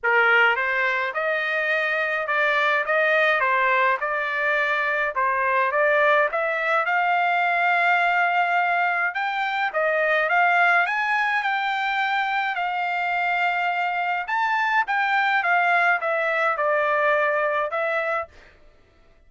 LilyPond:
\new Staff \with { instrumentName = "trumpet" } { \time 4/4 \tempo 4 = 105 ais'4 c''4 dis''2 | d''4 dis''4 c''4 d''4~ | d''4 c''4 d''4 e''4 | f''1 |
g''4 dis''4 f''4 gis''4 | g''2 f''2~ | f''4 a''4 g''4 f''4 | e''4 d''2 e''4 | }